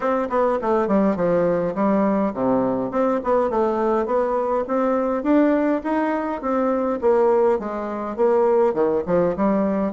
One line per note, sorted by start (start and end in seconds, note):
0.00 0.28 C4
0.29 0.58 B3
0.61 0.87 A3
0.87 1.16 G3
1.16 1.74 F3
1.74 2.33 G3
2.33 2.91 C3
2.91 3.20 C4
3.23 3.50 B3
3.50 4.06 A3
4.06 4.64 B3
4.67 5.23 C4
5.23 5.81 D4
5.83 6.41 D#4
6.41 6.99 C4
7.01 7.59 A#3
7.59 8.16 G#3
8.16 8.74 A#3
8.74 9.03 D#3
9.06 9.35 F3
9.36 9.93 G3